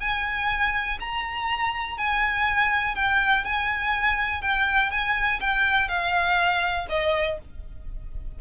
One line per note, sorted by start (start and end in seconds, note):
0.00 0.98 G#5
1.00 1.97 A#5
1.97 2.95 G#5
2.95 3.44 G5
3.44 4.41 G#5
4.41 4.90 G5
4.90 5.40 G#5
5.40 5.88 G5
5.88 6.86 F5
6.89 7.38 D#5